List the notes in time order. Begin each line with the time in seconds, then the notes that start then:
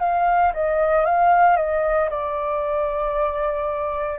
0.00 F5
0.54 D#5
1.06 F5
1.57 D#5
2.10 D5